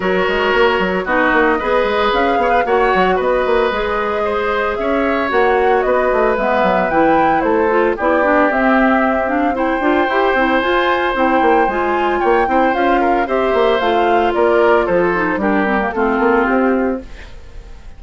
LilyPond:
<<
  \new Staff \with { instrumentName = "flute" } { \time 4/4 \tempo 4 = 113 cis''2 dis''2 | f''4 fis''4 dis''2~ | dis''4 e''4 fis''4 dis''4 | e''4 g''4 c''4 d''4 |
e''4. f''8 g''2 | gis''4 g''4 gis''4 g''4 | f''4 e''4 f''4 d''4 | c''4 ais'4 a'4 g'4 | }
  \new Staff \with { instrumentName = "oboe" } { \time 4/4 ais'2 fis'4 b'4~ | b'8 cis''16 b'16 cis''4 b'2 | c''4 cis''2 b'4~ | b'2 a'4 g'4~ |
g'2 c''2~ | c''2. cis''8 c''8~ | c''8 ais'8 c''2 ais'4 | a'4 g'4 f'2 | }
  \new Staff \with { instrumentName = "clarinet" } { \time 4/4 fis'2 dis'4 gis'4~ | gis'4 fis'2 gis'4~ | gis'2 fis'2 | b4 e'4. f'8 e'8 d'8 |
c'4. d'8 e'8 f'8 g'8 e'8 | f'4 e'4 f'4. e'8 | f'4 g'4 f'2~ | f'8 dis'8 d'8 c'16 ais16 c'2 | }
  \new Staff \with { instrumentName = "bassoon" } { \time 4/4 fis8 gis8 ais8 fis8 b8 ais8 b8 gis8 | cis'8 b8 ais8 fis8 b8 ais8 gis4~ | gis4 cis'4 ais4 b8 a8 | gis8 fis8 e4 a4 b4 |
c'2~ c'8 d'8 e'8 c'8 | f'4 c'8 ais8 gis4 ais8 c'8 | cis'4 c'8 ais8 a4 ais4 | f4 g4 a8 ais8 c'4 | }
>>